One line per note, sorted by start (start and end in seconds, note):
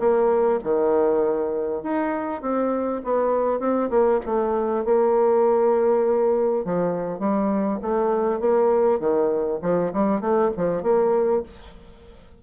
0.00 0.60 A#3
0.64 1.83 D#3
1.83 2.42 D#4
2.42 3.02 C4
3.04 3.60 B3
3.60 3.90 C4
3.91 4.21 A#3
4.26 4.85 A3
4.85 6.65 A#3
6.65 7.20 F3
7.20 7.80 G3
7.82 8.40 A3
8.40 9.00 A#3
9.00 9.60 D#3
9.62 9.92 F3
9.93 10.21 G3
10.21 10.51 A3
10.57 10.83 F3
10.83 11.43 A#3